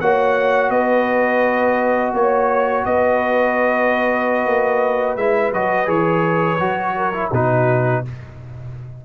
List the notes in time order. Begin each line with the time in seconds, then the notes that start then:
0.00 A#3 F#4 C#5 F#5
0.69 B3 B4 D#5
2.13 A#3 C#5
2.85 B3 B4 D#5
4.46 A#3
5.16 G#3 E4 E5
5.53 F#3 F#4 D#5
5.86 E3 G#4 C#5
6.59 F#3 F#4
6.96 A#4
7.13 E4
7.32 B2 D#4 F#4 B4